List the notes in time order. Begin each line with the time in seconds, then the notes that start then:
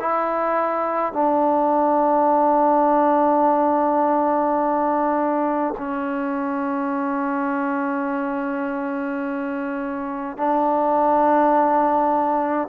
0.00 E4
1.13 D4
5.77 C#4
10.37 D4